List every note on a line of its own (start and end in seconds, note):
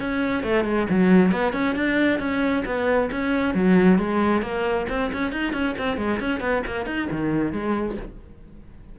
0.00 0.43 C#4
0.43 0.65 A3
0.65 0.87 G#3
0.90 1.32 F#3
1.32 1.53 B3
1.53 1.75 C#4
1.75 2.19 D4
2.19 2.64 C#4
2.66 3.10 B3
3.11 3.55 C#4
3.55 3.99 F#3
3.99 4.42 G#3
4.42 4.86 A#3
4.89 5.12 C4
5.13 5.32 C#4
5.32 5.53 D#4
5.53 5.75 C#4
5.78 5.98 C4
5.98 6.20 G#3
6.20 6.41 C#4
6.41 6.63 B3
6.66 6.86 A#3
6.86 7.08 D#4
7.11 7.52 D#3
7.52 7.97 G#3